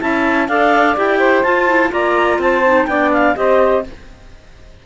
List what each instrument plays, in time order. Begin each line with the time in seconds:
0.00 cello C#4, clarinet E4 A5, saxophone E5
0.48 cello D4, clarinet A4 F5, saxophone D5
0.97 cello E4, clarinet G4 G5
1.18 saxophone C5
1.43 cello F4, clarinet F4 A5
1.68 clarinet E4
1.91 cello A#3, clarinet F4 A#5, saxophone D5
2.39 cello C4, saxophone C5, clarinet A5
2.66 clarinet D#4
2.86 cello B3, clarinet D4 G5, saxophone D5
3.13 clarinet F5
3.35 cello C4, clarinet G4 D#5, saxophone C5